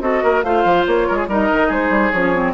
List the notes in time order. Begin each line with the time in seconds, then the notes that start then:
0.00 C4 F#4 A4 D#5
0.23 A#3 A#4
0.43 A3 F4 C5 F5
0.64 F3
0.87 A#3 C#5
1.07 G#3 A#4
1.16 G#4
1.27 G3 D#4 A#4 D#5
1.52 D#3
1.67 G#3 G#4 C5
1.89 G3
2.11 F3 C#4 C#5
2.33 C4